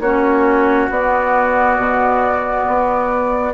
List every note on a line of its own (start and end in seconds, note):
0.00 0.88 A#3
0.00 0.91 C#4
0.00 3.54 F#4
0.00 0.89 C#5
0.91 1.78 B3
0.91 3.54 B3
0.91 3.54 D5
1.78 2.66 B2
2.68 3.54 B3